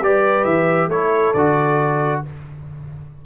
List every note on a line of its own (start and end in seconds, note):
0.00 0.44 G3
0.00 0.91 G4
0.00 0.91 B4
0.00 0.44 D5
0.44 0.88 E3
0.44 0.88 E5
0.88 1.32 A3
0.88 1.35 E4
0.88 2.23 A4
0.88 1.33 C#5
1.33 2.22 D3
1.33 2.25 F#4
1.33 2.21 D5